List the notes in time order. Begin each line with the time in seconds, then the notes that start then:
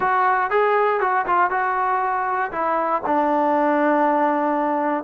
0.00 F#4
0.50 G#4
1.00 F#4
1.26 F4
1.50 F#4
2.51 E4
3.05 D4